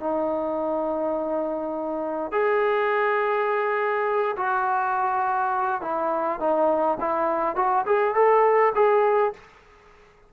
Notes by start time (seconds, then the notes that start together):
0.00 D#4
2.32 G#4
4.37 F#4
5.82 E4
6.40 D#4
7.00 E4
7.56 F#4
7.86 G#4
8.15 A4
8.75 G#4